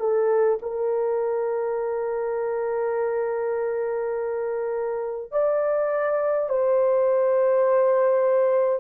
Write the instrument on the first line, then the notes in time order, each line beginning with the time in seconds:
horn
0.00 A4
0.63 A#4
5.32 D5
6.50 C5